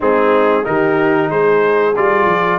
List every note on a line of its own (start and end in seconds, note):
0.00 0.65 G#3
0.00 0.63 C4
0.00 0.65 D#4
0.00 0.64 G#4
0.63 1.29 D#3
0.63 1.94 D#4
0.63 1.30 G4
0.63 1.29 A#4
1.29 1.94 G#3
1.29 2.58 G#4
1.29 1.95 C5
1.96 2.25 G3
1.96 2.58 F4
1.96 2.58 D5
2.25 2.58 F3